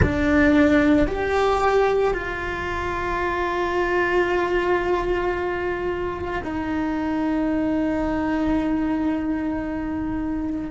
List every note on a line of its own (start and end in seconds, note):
0.01 1.07 D4
1.07 2.13 G4
2.13 6.42 F4
6.43 10.70 D#4